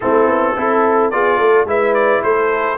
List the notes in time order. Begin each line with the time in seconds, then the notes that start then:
0.00 A3 C4 E4 A4
0.27 B3
0.56 C4 E4 A4
1.10 B3 F4 G#4 D5
1.37 A3 A4
1.64 G#3 E4 B4 E5
1.94 D5
2.23 A3 A4 C5